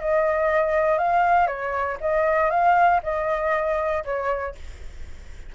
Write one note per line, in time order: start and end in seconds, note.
0.00 0.98 D#5
0.98 1.47 F5
1.47 1.98 C#5
2.01 2.50 D#5
2.50 3.00 F5
3.03 4.04 D#5
4.05 4.55 C#5